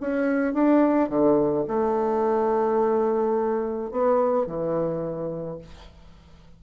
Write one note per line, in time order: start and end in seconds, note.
0.00 0.53 C#4
0.53 1.09 D4
1.09 1.65 D3
1.67 3.91 A3
3.91 4.46 B3
4.46 5.58 E3